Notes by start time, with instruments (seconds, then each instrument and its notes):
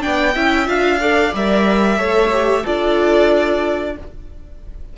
0.00 cello B3, viola D4, violin D5 G5
0.35 cello C#4, viola E4, violin E5
0.67 cello D4, viola F4, violin F5
1.01 viola A4, violin D5
1.34 cello G3, viola A#4, violin E5
1.98 cello A3, viola A4, violin C#5
2.33 viola G4
2.63 cello D4, viola F4, violin A4 D5